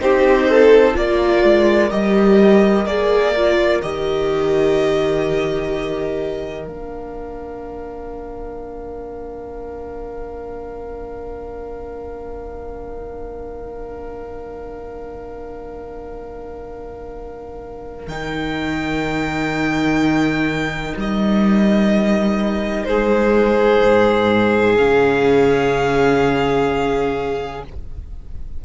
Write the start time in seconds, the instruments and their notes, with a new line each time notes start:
0.00 cello C4, viola D#4, violin G4 C5
0.49 violin A4
0.94 cello A#3, viola F4, violin A#4 D5
1.44 cello G#3
1.91 cello G3, viola G4, violin D#5
2.86 cello A#3, viola G#4, violin D5
3.36 viola F4
3.83 cello D#3, viola G4, violin D#5
6.65 cello A#3, viola D4, violin F5
18.08 cello D#3, viola D#4, violin G5
20.97 cello G3, violin D#5
22.85 cello G#3, violin G#4 C5
23.84 cello G#2
24.77 cello C#3, viola C#4, violin F5